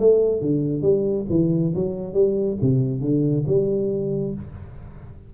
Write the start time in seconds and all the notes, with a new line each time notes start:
0.00 A3
0.41 D3
0.82 G3
1.30 E3
1.75 F#3
2.14 G3
2.62 C3
3.01 D3
3.47 G3